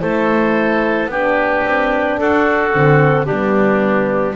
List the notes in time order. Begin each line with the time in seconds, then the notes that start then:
0.00 A3 E4 A4 C5
1.06 B3 D4 G4 B4
1.64 C4
2.18 D4 F#4 A4
2.72 D3 C4
3.25 G3 B3 D4 G4